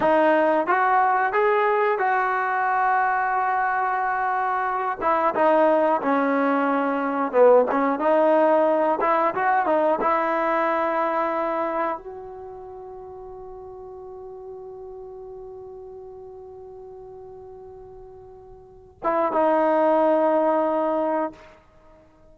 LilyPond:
\new Staff \with { instrumentName = "trombone" } { \time 4/4 \tempo 4 = 90 dis'4 fis'4 gis'4 fis'4~ | fis'2.~ fis'8 e'8 | dis'4 cis'2 b8 cis'8 | dis'4. e'8 fis'8 dis'8 e'4~ |
e'2 fis'2~ | fis'1~ | fis'1~ | fis'8 e'8 dis'2. | }